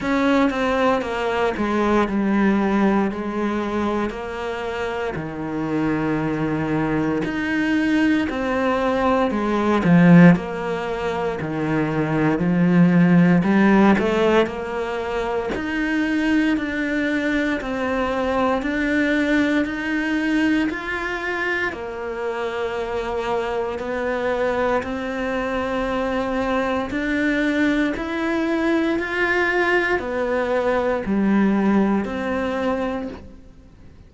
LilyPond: \new Staff \with { instrumentName = "cello" } { \time 4/4 \tempo 4 = 58 cis'8 c'8 ais8 gis8 g4 gis4 | ais4 dis2 dis'4 | c'4 gis8 f8 ais4 dis4 | f4 g8 a8 ais4 dis'4 |
d'4 c'4 d'4 dis'4 | f'4 ais2 b4 | c'2 d'4 e'4 | f'4 b4 g4 c'4 | }